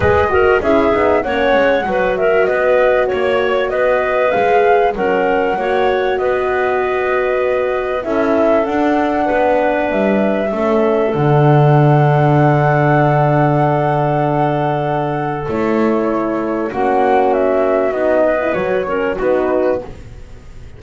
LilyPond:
<<
  \new Staff \with { instrumentName = "flute" } { \time 4/4 \tempo 4 = 97 dis''4 e''4 fis''4. e''8 | dis''4 cis''4 dis''4 f''4 | fis''2 dis''2~ | dis''4 e''4 fis''2 |
e''2 fis''2~ | fis''1~ | fis''4 cis''2 fis''4 | e''4 dis''4 cis''4 b'4 | }
  \new Staff \with { instrumentName = "clarinet" } { \time 4/4 b'8 ais'8 gis'4 cis''4 b'8 ais'8 | b'4 cis''4 b'2 | ais'4 cis''4 b'2~ | b'4 a'2 b'4~ |
b'4 a'2.~ | a'1~ | a'2. fis'4~ | fis'4. b'4 ais'8 fis'4 | }
  \new Staff \with { instrumentName = "horn" } { \time 4/4 gis'8 fis'8 e'8 dis'8 cis'4 fis'4~ | fis'2. gis'4 | cis'4 fis'2.~ | fis'4 e'4 d'2~ |
d'4 cis'4 d'2~ | d'1~ | d'4 e'2 cis'4~ | cis'4 dis'8. e'16 fis'8 cis'8 dis'4 | }
  \new Staff \with { instrumentName = "double bass" } { \time 4/4 gis4 cis'8 b8 ais8 gis8 fis4 | b4 ais4 b4 gis4 | fis4 ais4 b2~ | b4 cis'4 d'4 b4 |
g4 a4 d2~ | d1~ | d4 a2 ais4~ | ais4 b4 fis4 b4 | }
>>